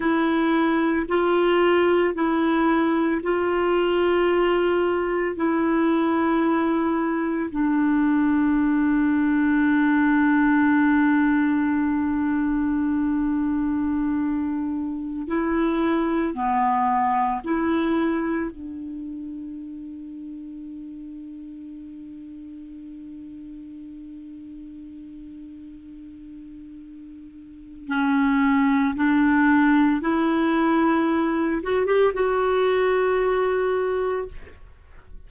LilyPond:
\new Staff \with { instrumentName = "clarinet" } { \time 4/4 \tempo 4 = 56 e'4 f'4 e'4 f'4~ | f'4 e'2 d'4~ | d'1~ | d'2~ d'16 e'4 b8.~ |
b16 e'4 d'2~ d'8.~ | d'1~ | d'2 cis'4 d'4 | e'4. fis'16 g'16 fis'2 | }